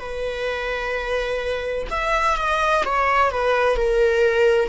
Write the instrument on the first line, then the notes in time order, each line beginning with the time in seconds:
viola
0.00 B4
1.90 E5
2.37 D#5
2.85 C#5
3.31 B4
3.76 A#4